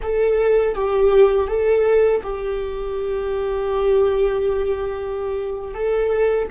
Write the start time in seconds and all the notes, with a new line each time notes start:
0.02 A4
0.74 G4
1.47 A4
2.23 G4
5.74 A4